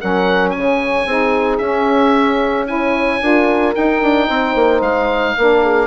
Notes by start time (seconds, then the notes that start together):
0.00 F#3 C#4 A#4 F#5
0.50 G#5
0.57 C#3 C#5
1.06 C4 D#4 G#4
1.58 C#4 E5
2.67 E4 C#5 G#5
3.21 D4 F4 A#4
3.75 D#4 G5
4.02 D4
4.28 C4 C5
4.55 A#3
4.81 G#3 F5
5.37 A#3 D4 A#4
5.63 G#4